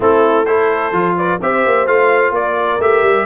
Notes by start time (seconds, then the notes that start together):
0.00 A3 C4 E4 A4
0.45 E4 A4 C5
0.92 F3 F4
1.17 B4 D5
1.41 C4 G4 C5 E5
1.65 A#3
1.86 A3 F4 F5
2.31 A#3 A#4 D5
2.79 A3 G4 E5
3.02 G3